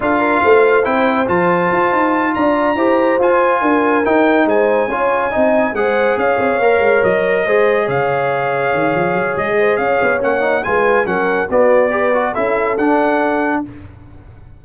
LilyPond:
<<
  \new Staff \with { instrumentName = "trumpet" } { \time 4/4 \tempo 4 = 141 f''2 g''4 a''4~ | a''4. ais''2 gis''8~ | gis''4. g''4 gis''4.~ | gis''4. fis''4 f''4.~ |
f''8 dis''2 f''4.~ | f''2 dis''4 f''4 | fis''4 gis''4 fis''4 d''4~ | d''4 e''4 fis''2 | }
  \new Staff \with { instrumentName = "horn" } { \time 4/4 a'8 ais'8 c''2.~ | c''4. d''4 c''4.~ | c''8 ais'2 c''4 cis''8~ | cis''8 dis''4 c''4 cis''4.~ |
cis''4. c''4 cis''4.~ | cis''2~ cis''8 c''8 cis''4~ | cis''4 b'4 ais'4 fis'4 | b'4 a'2. | }
  \new Staff \with { instrumentName = "trombone" } { \time 4/4 f'2 e'4 f'4~ | f'2~ f'8 g'4 f'8~ | f'4. dis'2 f'8~ | f'8 dis'4 gis'2 ais'8~ |
ais'4. gis'2~ gis'8~ | gis'1 | cis'8 dis'8 f'4 cis'4 b4 | g'8 fis'8 e'4 d'2 | }
  \new Staff \with { instrumentName = "tuba" } { \time 4/4 d'4 a4 c'4 f4 | f'8 dis'4 d'4 e'4 f'8~ | f'8 d'4 dis'4 gis4 cis'8~ | cis'8 c'4 gis4 cis'8 c'8 ais8 |
gis8 fis4 gis4 cis4.~ | cis8 dis8 f8 fis8 gis4 cis'8 b8 | ais4 gis4 fis4 b4~ | b4 cis'4 d'2 | }
>>